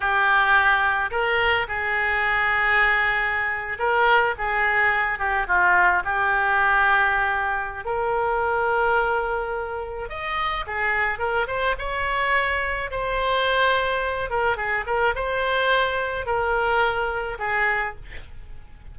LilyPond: \new Staff \with { instrumentName = "oboe" } { \time 4/4 \tempo 4 = 107 g'2 ais'4 gis'4~ | gis'2~ gis'8. ais'4 gis'16~ | gis'4~ gis'16 g'8 f'4 g'4~ g'16~ | g'2 ais'2~ |
ais'2 dis''4 gis'4 | ais'8 c''8 cis''2 c''4~ | c''4. ais'8 gis'8 ais'8 c''4~ | c''4 ais'2 gis'4 | }